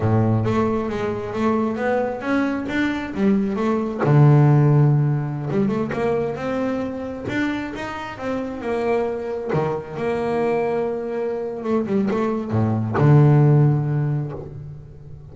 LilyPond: \new Staff \with { instrumentName = "double bass" } { \time 4/4 \tempo 4 = 134 a,4 a4 gis4 a4 | b4 cis'4 d'4 g4 | a4 d2.~ | d16 g8 a8 ais4 c'4.~ c'16~ |
c'16 d'4 dis'4 c'4 ais8.~ | ais4~ ais16 dis4 ais4.~ ais16~ | ais2 a8 g8 a4 | a,4 d2. | }